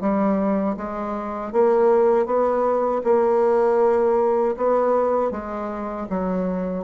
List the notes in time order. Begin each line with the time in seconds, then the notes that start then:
0.00 G3
0.77 G#3
1.52 A#3
2.26 B3
3.03 A#3
4.56 B3
5.31 G#3
6.09 F#3